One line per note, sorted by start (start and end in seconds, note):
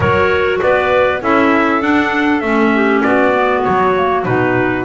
0.00 0.59 F#3
0.00 1.22 F#4
0.00 0.60 A#4
0.00 0.61 C#5
0.61 1.21 B3
0.61 1.21 B4
0.61 1.22 D5
1.21 1.81 C#4
1.21 1.81 E4
1.21 2.73 A4
1.21 1.82 E5
1.81 2.41 D4
1.81 2.42 D4
1.81 2.40 F#5
2.40 3.02 A3
2.40 3.33 C#4
2.40 3.01 E5
2.74 3.04 G4
3.02 3.65 B3
3.02 4.84 F#4
3.02 3.63 D5
3.33 3.94 B3
3.63 4.26 F#3
3.63 4.24 C#5
3.95 4.25 A#3
4.24 4.84 B2
4.24 4.84 D#4
4.24 4.84 B4